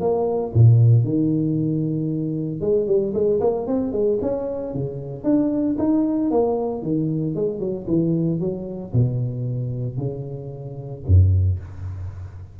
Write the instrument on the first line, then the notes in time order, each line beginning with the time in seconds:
tuba
0.00 A#3
0.54 A#2
1.04 D#3
2.61 G#3
2.87 G3
3.14 G#3
3.40 A#3
3.67 C4
3.92 G#3
4.21 C#4
4.74 C#3
5.23 D4
5.78 D#4
6.31 A#3
6.82 D#3
7.35 G#3
7.59 F#3
7.87 E3
8.39 F#3
8.93 B2
9.98 C#3
11.07 F#2